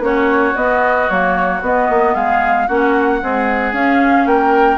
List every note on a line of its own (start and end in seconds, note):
0.00 0.53 A#3
0.00 0.56 C#4
0.00 2.15 F#4
0.00 0.57 C#5
0.56 1.09 B3
0.56 1.10 B3
0.56 1.09 D#5
1.09 1.61 F#3
1.09 1.63 A#3
1.09 1.62 C#5
1.61 1.88 B3
1.61 2.69 B3
1.61 2.15 D#5
1.90 2.15 A#3
2.15 2.68 G#3
2.15 2.68 G#4
2.15 2.68 F5
2.68 3.22 A#3
2.68 3.21 C#4
2.68 3.21 F#4
2.68 3.74 F#5
3.21 3.74 G#3
3.21 3.73 C4
3.21 4.28 G#4
3.73 4.26 C#4
3.73 4.78 C#4
3.73 4.27 F5
4.26 4.78 A#3
4.26 4.78 A#4
4.26 4.78 G5